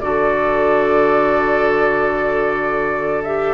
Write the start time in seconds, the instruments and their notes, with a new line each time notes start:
0.00 bassoon D3, clarinet F#4, oboe A4, flute D5
3.23 clarinet G4, flute E5